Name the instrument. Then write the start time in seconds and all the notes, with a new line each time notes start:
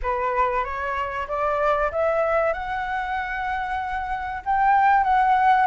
flute
0.02 B4
0.64 C#5
1.27 D5
1.91 E5
2.53 F#5
4.45 G5
5.03 F#5